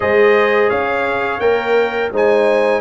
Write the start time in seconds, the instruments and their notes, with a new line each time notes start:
0.00 tuba G#3, trombone G#4, horn C5, trumpet D#5
0.69 tuba C#4, horn C#5, trumpet F5
1.39 tuba A#3, trombone A#4, trumpet G5
2.11 tuba G#3, trombone D#4, horn C5, trumpet G#5